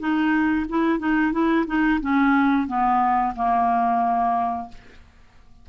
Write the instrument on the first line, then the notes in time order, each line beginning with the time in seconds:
clarinet
0.00 D#4
0.69 E4
0.99 D#4
1.32 E4
1.67 D#4
2.02 C#4
2.68 B3
3.35 A#3